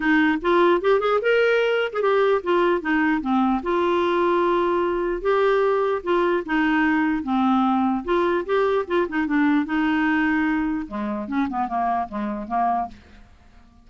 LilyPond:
\new Staff \with { instrumentName = "clarinet" } { \time 4/4 \tempo 4 = 149 dis'4 f'4 g'8 gis'8 ais'4~ | ais'8. gis'16 g'4 f'4 dis'4 | c'4 f'2.~ | f'4 g'2 f'4 |
dis'2 c'2 | f'4 g'4 f'8 dis'8 d'4 | dis'2. gis4 | cis'8 b8 ais4 gis4 ais4 | }